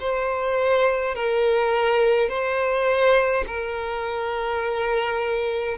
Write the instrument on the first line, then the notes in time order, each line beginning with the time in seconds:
violin
0.00 C5
1.15 A#4
2.29 C5
3.47 A#4